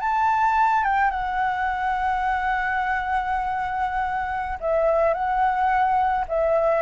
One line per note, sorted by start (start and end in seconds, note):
0.00 0.83 A5
0.84 1.11 G5
1.11 4.58 F#5
4.60 5.14 E5
5.14 6.25 F#5
6.29 6.82 E5